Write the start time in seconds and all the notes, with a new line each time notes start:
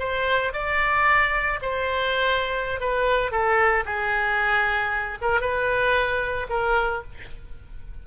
0.00 C5
0.54 D5
1.62 C5
2.81 B4
3.32 A4
3.86 G#4
5.22 A#4
5.41 B4
6.50 A#4